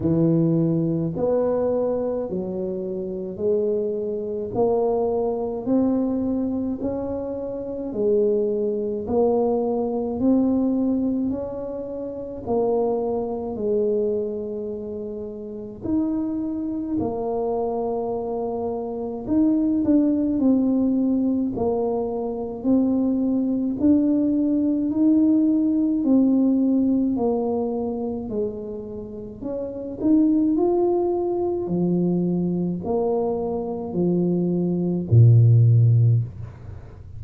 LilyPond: \new Staff \with { instrumentName = "tuba" } { \time 4/4 \tempo 4 = 53 e4 b4 fis4 gis4 | ais4 c'4 cis'4 gis4 | ais4 c'4 cis'4 ais4 | gis2 dis'4 ais4~ |
ais4 dis'8 d'8 c'4 ais4 | c'4 d'4 dis'4 c'4 | ais4 gis4 cis'8 dis'8 f'4 | f4 ais4 f4 ais,4 | }